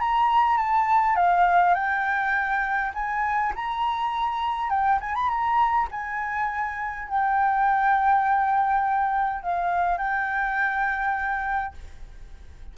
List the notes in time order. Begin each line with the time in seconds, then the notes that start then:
0.00 A#5
0.57 A5
1.16 F5
1.74 G5
2.94 G#5
3.55 A#5
4.70 G5
5.01 G#5
5.15 B5
5.29 A#5
5.91 G#5
7.08 G5
9.43 F5
9.98 G5